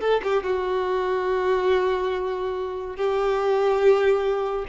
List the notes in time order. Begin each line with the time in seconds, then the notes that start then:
0.00 A4
0.23 G4
0.43 F#4
2.97 G4